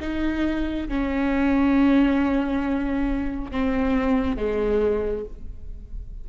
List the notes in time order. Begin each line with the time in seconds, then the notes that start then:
0.00 D#4
0.88 C#4
3.51 C4
4.37 G#3